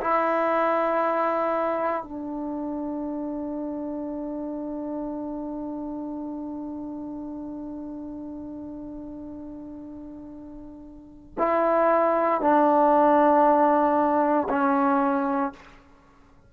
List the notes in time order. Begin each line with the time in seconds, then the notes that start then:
0.00 E4
2.03 D4
11.37 E4
12.41 D4
14.49 C#4